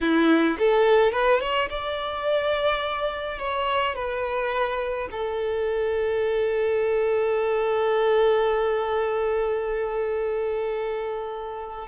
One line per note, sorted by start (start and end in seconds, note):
0.00 0.57 E4
0.58 1.12 A4
1.12 1.40 B4
1.40 1.68 C#5
1.69 3.38 D5
3.38 3.95 C#5
3.95 5.08 B4
5.11 11.87 A4